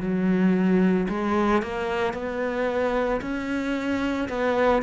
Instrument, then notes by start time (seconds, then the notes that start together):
cello
0.00 F#3
1.08 G#3
1.62 A#3
2.13 B3
3.21 C#4
4.29 B3